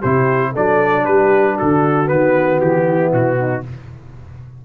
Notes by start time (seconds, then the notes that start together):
0.00 C3 E4 G4 C5
0.52 F#3 D4 A4 D5
1.05 G3 G4 B4
1.55 F#4 A4
1.62 D3
2.06 D#3 B3 B4
2.61 E3 G4
2.88 E4
3.13 B2 F#4
3.40 D#4